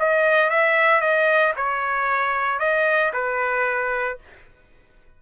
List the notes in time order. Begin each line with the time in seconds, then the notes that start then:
0.00 D#5
0.50 E5
1.01 D#5
1.57 C#5
2.60 D#5
3.14 B4